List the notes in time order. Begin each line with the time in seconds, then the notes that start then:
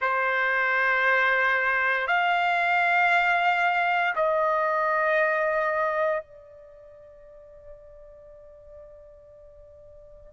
0.00 C5
2.07 F5
4.15 D#5
6.22 D5